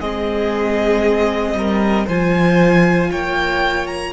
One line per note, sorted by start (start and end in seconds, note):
0.00 1.54 G#3
0.00 2.09 C4
0.00 1.55 G#4
0.00 2.08 D#5
1.54 2.06 G3
1.54 2.07 A#4
2.07 3.12 F3
2.07 4.14 F4
2.07 3.11 C5
2.07 3.12 G#5
3.11 4.14 A#3
3.11 4.14 C#5
3.11 3.87 G5
3.87 4.13 A#5